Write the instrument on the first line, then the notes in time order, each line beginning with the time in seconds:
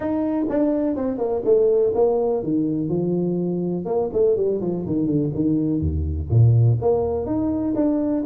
tuba
0.00 D#4
0.49 D4
0.96 C4
1.17 A#3
1.45 A3
1.94 A#3
2.43 D#3
2.89 F3
3.85 A#3
4.13 A3
4.36 G3
4.61 F3
4.86 D#3
5.06 D3
5.34 D#3
5.81 D#2
6.29 A#2
6.81 A#3
7.25 D#4
7.75 D4